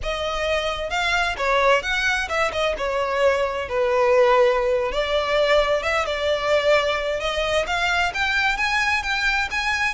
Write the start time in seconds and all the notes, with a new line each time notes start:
0.02 D#5
0.89 F5
1.37 C#5
1.82 F#5
2.28 E5
2.52 D#5
2.77 C#5
3.68 B4
4.92 D5
5.83 E5
6.05 D5
7.19 D#5
7.66 F5
8.14 G5
8.57 G#5
9.02 G5
9.50 G#5